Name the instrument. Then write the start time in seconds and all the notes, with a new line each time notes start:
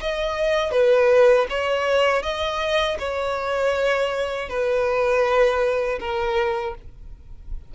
violin
0.00 D#5
0.71 B4
1.49 C#5
2.22 D#5
2.98 C#5
4.49 B4
5.99 A#4